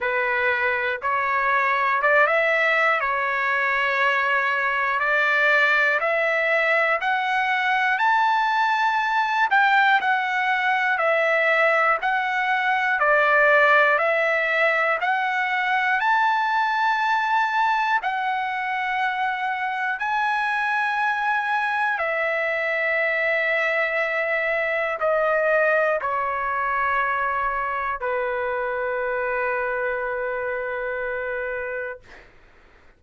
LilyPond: \new Staff \with { instrumentName = "trumpet" } { \time 4/4 \tempo 4 = 60 b'4 cis''4 d''16 e''8. cis''4~ | cis''4 d''4 e''4 fis''4 | a''4. g''8 fis''4 e''4 | fis''4 d''4 e''4 fis''4 |
a''2 fis''2 | gis''2 e''2~ | e''4 dis''4 cis''2 | b'1 | }